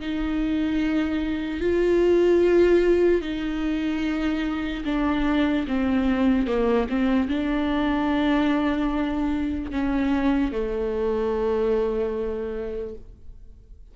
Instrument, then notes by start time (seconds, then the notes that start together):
viola
0.00 D#4
1.61 F4
3.22 D#4
4.85 D4
5.68 C4
6.47 A#3
6.90 C4
7.29 D4
9.71 C#4
10.52 A3